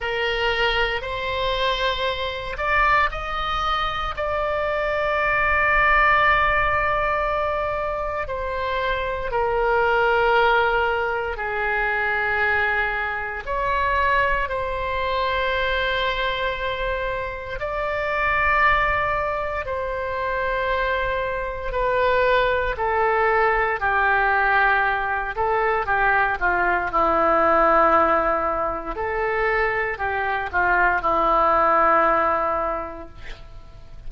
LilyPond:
\new Staff \with { instrumentName = "oboe" } { \time 4/4 \tempo 4 = 58 ais'4 c''4. d''8 dis''4 | d''1 | c''4 ais'2 gis'4~ | gis'4 cis''4 c''2~ |
c''4 d''2 c''4~ | c''4 b'4 a'4 g'4~ | g'8 a'8 g'8 f'8 e'2 | a'4 g'8 f'8 e'2 | }